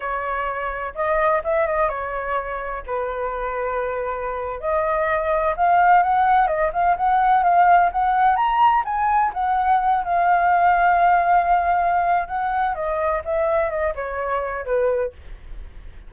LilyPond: \new Staff \with { instrumentName = "flute" } { \time 4/4 \tempo 4 = 127 cis''2 dis''4 e''8 dis''8 | cis''2 b'2~ | b'4.~ b'16 dis''2 f''16~ | f''8. fis''4 dis''8 f''8 fis''4 f''16~ |
f''8. fis''4 ais''4 gis''4 fis''16~ | fis''4~ fis''16 f''2~ f''8.~ | f''2 fis''4 dis''4 | e''4 dis''8 cis''4. b'4 | }